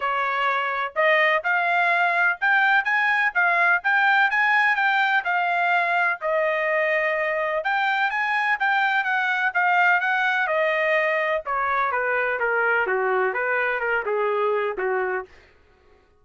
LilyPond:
\new Staff \with { instrumentName = "trumpet" } { \time 4/4 \tempo 4 = 126 cis''2 dis''4 f''4~ | f''4 g''4 gis''4 f''4 | g''4 gis''4 g''4 f''4~ | f''4 dis''2. |
g''4 gis''4 g''4 fis''4 | f''4 fis''4 dis''2 | cis''4 b'4 ais'4 fis'4 | b'4 ais'8 gis'4. fis'4 | }